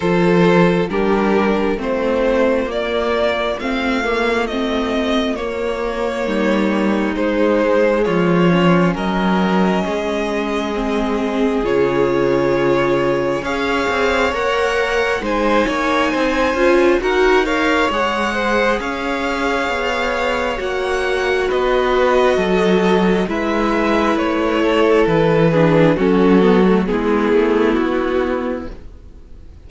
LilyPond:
<<
  \new Staff \with { instrumentName = "violin" } { \time 4/4 \tempo 4 = 67 c''4 ais'4 c''4 d''4 | f''4 dis''4 cis''2 | c''4 cis''4 dis''2~ | dis''4 cis''2 f''4 |
fis''4 gis''2 fis''8 f''8 | fis''4 f''2 fis''4 | dis''2 e''4 cis''4 | b'4 a'4 gis'4 fis'4 | }
  \new Staff \with { instrumentName = "violin" } { \time 4/4 a'4 g'4 f'2~ | f'2. dis'4~ | dis'4 f'4 ais'4 gis'4~ | gis'2. cis''4~ |
cis''4 c''8 cis''8 c''4 ais'8 cis''8~ | cis''8 c''8 cis''2. | b'4 a'4 b'4. a'8~ | a'8 gis'8 fis'4 e'2 | }
  \new Staff \with { instrumentName = "viola" } { \time 4/4 f'4 d'4 c'4 ais4 | c'8 ais8 c'4 ais2 | gis4. cis'2~ cis'8 | c'4 f'2 gis'4 |
ais'4 dis'4. f'8 fis'8 ais'8 | gis'2. fis'4~ | fis'2 e'2~ | e'8 d'8 cis'8 b16 a16 b2 | }
  \new Staff \with { instrumentName = "cello" } { \time 4/4 f4 g4 a4 ais4 | a2 ais4 g4 | gis4 f4 fis4 gis4~ | gis4 cis2 cis'8 c'8 |
ais4 gis8 ais8 c'8 cis'8 dis'4 | gis4 cis'4 b4 ais4 | b4 fis4 gis4 a4 | e4 fis4 gis8 a8 b4 | }
>>